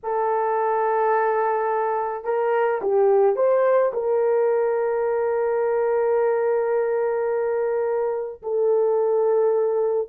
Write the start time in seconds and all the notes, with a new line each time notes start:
0.03 A4
2.24 A#4
2.81 G4
3.36 C5
3.93 A#4
8.42 A4